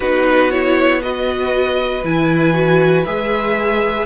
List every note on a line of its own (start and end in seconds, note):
0.00 2.03 B3
0.00 0.51 D#4
0.00 1.01 F#4
0.00 0.50 B4
0.50 1.02 E4
0.50 1.01 C#5
1.02 2.03 F#4
1.02 4.06 B4
1.02 2.04 D#5
2.03 3.05 E3
2.03 2.53 E4
2.03 3.05 G#5
2.53 3.04 F#4
3.05 4.06 G#3
3.05 4.06 G#4
3.05 4.06 E5